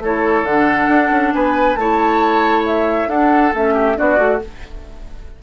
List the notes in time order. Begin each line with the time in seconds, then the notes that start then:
0.00 A3 E4 A4 C#5
0.44 D3 D4 F#5
0.89 D4
1.11 C#4
1.34 B3 B4 G#5
1.76 A3 E4 C#5 A5
2.67 E5
3.08 D4 A4 F#5
3.54 A3 C#4 E5
3.74 G4
3.95 B3 D4 F#4 D5
4.17 A3 F#4